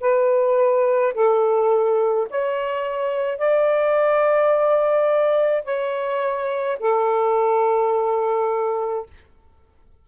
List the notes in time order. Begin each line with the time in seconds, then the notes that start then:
0.00 B4
1.14 A4
2.30 C#5
3.38 D5
5.64 C#5
6.79 A4